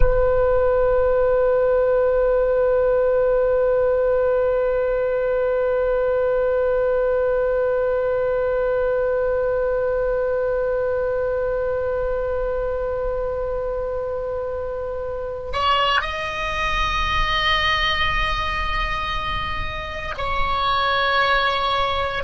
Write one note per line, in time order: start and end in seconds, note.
0.00 15.52 B4
15.52 16.01 C#5
16.01 20.14 D#5
20.17 22.23 C#5